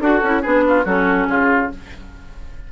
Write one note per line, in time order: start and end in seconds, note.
0.00 0.21 D4
0.00 0.22 F#4
0.00 0.42 F#4
0.00 0.42 A4
0.23 0.44 C#4
0.23 0.43 E4
0.42 0.85 B3
0.42 0.85 D4
0.42 0.63 G#4
0.42 0.85 B4
0.68 0.85 F4
0.85 1.27 F#3
0.85 1.70 C#4
0.85 1.27 F#4
0.85 1.28 A4
1.28 1.70 C#3
1.28 1.72 F4
1.28 1.70 G#4